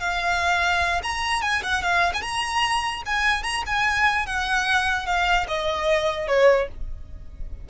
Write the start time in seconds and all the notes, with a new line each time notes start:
0.00 F5
1.03 A#5
1.42 G#5
1.63 F#5
1.82 F5
2.14 G#5
2.22 A#5
3.06 G#5
3.43 A#5
3.66 G#5
4.27 F#5
5.06 F5
5.48 D#5
6.28 C#5